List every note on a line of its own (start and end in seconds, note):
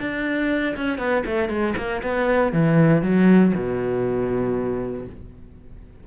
0.00 0.76 D4
0.76 0.98 C#4
0.98 1.24 B3
1.26 1.49 A3
1.49 1.74 G#3
1.77 2.02 A#3
2.02 2.53 B3
2.53 3.02 E3
3.02 3.53 F#3
3.55 5.06 B2